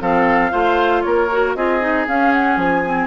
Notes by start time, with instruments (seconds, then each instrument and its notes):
0.00 bassoon F3, clarinet C4, oboe A4, flute F5
0.51 bassoon A3, clarinet F4, oboe C5
1.02 bassoon A#3, oboe A#4, flute C#5
1.31 clarinet F#4
1.55 bassoon C4, clarinet F4, oboe G#4, flute D#5
1.80 clarinet D#4
2.07 bassoon C#4, clarinet C#4, flute F5
2.32 flute F#5
2.56 bassoon F3, flute G#5
2.85 clarinet C4